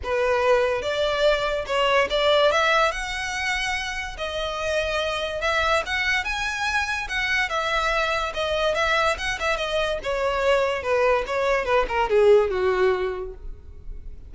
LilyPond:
\new Staff \with { instrumentName = "violin" } { \time 4/4 \tempo 4 = 144 b'2 d''2 | cis''4 d''4 e''4 fis''4~ | fis''2 dis''2~ | dis''4 e''4 fis''4 gis''4~ |
gis''4 fis''4 e''2 | dis''4 e''4 fis''8 e''8 dis''4 | cis''2 b'4 cis''4 | b'8 ais'8 gis'4 fis'2 | }